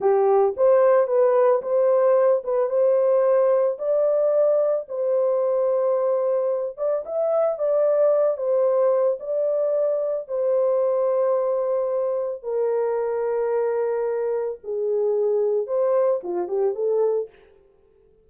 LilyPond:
\new Staff \with { instrumentName = "horn" } { \time 4/4 \tempo 4 = 111 g'4 c''4 b'4 c''4~ | c''8 b'8 c''2 d''4~ | d''4 c''2.~ | c''8 d''8 e''4 d''4. c''8~ |
c''4 d''2 c''4~ | c''2. ais'4~ | ais'2. gis'4~ | gis'4 c''4 f'8 g'8 a'4 | }